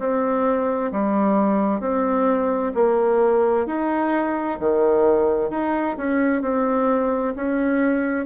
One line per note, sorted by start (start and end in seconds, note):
0.00 0.92 C4
0.92 1.81 G3
1.81 2.73 C4
2.75 3.67 A#3
3.67 4.59 D#4
4.60 5.50 D#3
5.50 5.97 D#4
5.98 6.42 C#4
6.42 7.35 C4
7.36 8.27 C#4